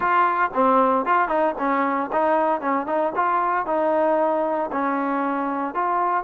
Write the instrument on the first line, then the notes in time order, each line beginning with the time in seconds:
trombone
0.00 F4
0.54 C4
1.05 F4
1.28 D#4
1.58 C#4
2.12 D#4
2.60 C#4
2.86 D#4
3.15 F4
3.65 D#4
4.71 C#4
5.74 F4